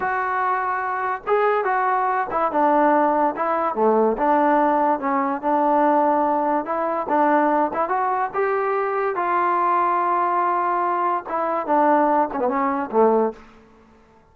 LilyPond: \new Staff \with { instrumentName = "trombone" } { \time 4/4 \tempo 4 = 144 fis'2. gis'4 | fis'4. e'8 d'2 | e'4 a4 d'2 | cis'4 d'2. |
e'4 d'4. e'8 fis'4 | g'2 f'2~ | f'2. e'4 | d'4. cis'16 b16 cis'4 a4 | }